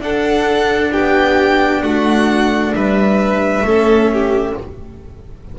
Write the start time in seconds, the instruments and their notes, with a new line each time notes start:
0.00 double bass D4, cello D4, violin A4 F#5
0.92 double bass B3, violin G4 G5
1.83 double bass A3, violin F#4 F#5
2.75 double bass G3, violin B4 E5
3.62 double bass A3, cello C#4, violin A4
4.13 violin G4